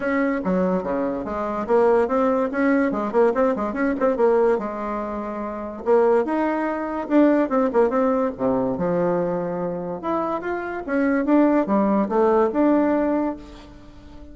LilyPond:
\new Staff \with { instrumentName = "bassoon" } { \time 4/4 \tempo 4 = 144 cis'4 fis4 cis4 gis4 | ais4 c'4 cis'4 gis8 ais8 | c'8 gis8 cis'8 c'8 ais4 gis4~ | gis2 ais4 dis'4~ |
dis'4 d'4 c'8 ais8 c'4 | c4 f2. | e'4 f'4 cis'4 d'4 | g4 a4 d'2 | }